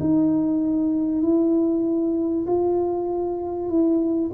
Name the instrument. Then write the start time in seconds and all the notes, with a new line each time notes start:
tuba
0.00 D#4
1.22 E4
2.47 F4
3.69 E4